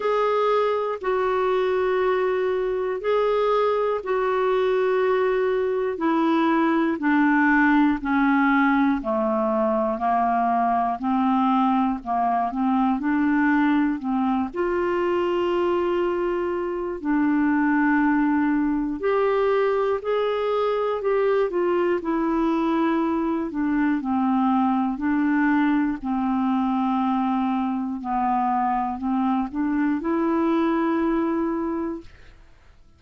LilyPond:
\new Staff \with { instrumentName = "clarinet" } { \time 4/4 \tempo 4 = 60 gis'4 fis'2 gis'4 | fis'2 e'4 d'4 | cis'4 a4 ais4 c'4 | ais8 c'8 d'4 c'8 f'4.~ |
f'4 d'2 g'4 | gis'4 g'8 f'8 e'4. d'8 | c'4 d'4 c'2 | b4 c'8 d'8 e'2 | }